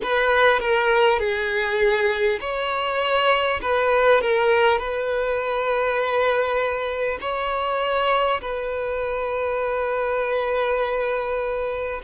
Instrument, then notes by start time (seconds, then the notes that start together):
violin
0.03 B4
0.59 A#4
1.19 G#4
2.40 C#5
3.61 B4
4.21 A#4
4.78 B4
7.21 C#5
8.41 B4